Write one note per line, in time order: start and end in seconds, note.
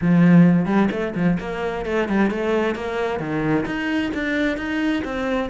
0.01 0.65 F3
0.65 0.88 G3
0.91 1.13 A3
1.15 1.38 F3
1.39 1.85 A#3
1.85 2.08 A3
2.08 2.30 G3
2.30 2.75 A3
2.75 3.19 A#3
3.19 3.65 D#3
3.65 4.11 D#4
4.13 4.57 D4
4.57 5.03 D#4
5.04 5.49 C4